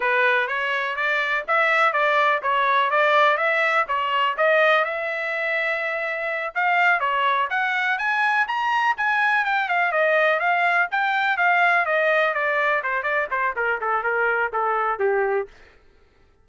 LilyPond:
\new Staff \with { instrumentName = "trumpet" } { \time 4/4 \tempo 4 = 124 b'4 cis''4 d''4 e''4 | d''4 cis''4 d''4 e''4 | cis''4 dis''4 e''2~ | e''4. f''4 cis''4 fis''8~ |
fis''8 gis''4 ais''4 gis''4 g''8 | f''8 dis''4 f''4 g''4 f''8~ | f''8 dis''4 d''4 c''8 d''8 c''8 | ais'8 a'8 ais'4 a'4 g'4 | }